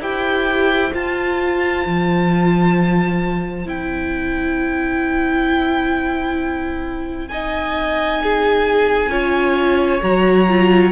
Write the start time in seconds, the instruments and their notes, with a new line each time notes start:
0.00 cello E4, viola G4, violin C5 G5
0.93 viola F4, cello F4, violin A5
1.85 cello F3
3.65 cello C4, viola E4, violin G5
7.27 viola D#4, violin D#5 G#5
8.23 violin G#4
9.09 cello C#4, viola F4, violin C#5
10.02 cello F#3, viola F#4, violin A#5
10.48 viola F4